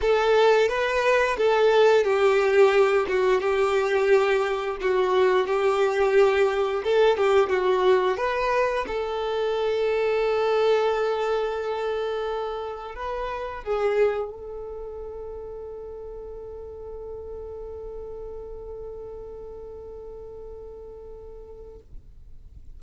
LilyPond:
\new Staff \with { instrumentName = "violin" } { \time 4/4 \tempo 4 = 88 a'4 b'4 a'4 g'4~ | g'8 fis'8 g'2 fis'4 | g'2 a'8 g'8 fis'4 | b'4 a'2.~ |
a'2. b'4 | gis'4 a'2.~ | a'1~ | a'1 | }